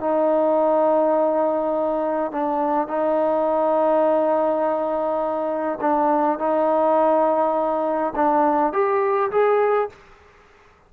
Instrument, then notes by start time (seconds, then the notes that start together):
trombone
0.00 D#4
2.31 D4
2.87 D#4
5.81 D4
6.39 D#4
8.16 D4
8.72 G4
9.31 G#4